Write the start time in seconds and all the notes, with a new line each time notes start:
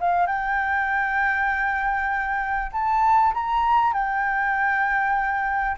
0.00 F5
0.26 G5
2.72 A5
3.34 A#5
3.93 G5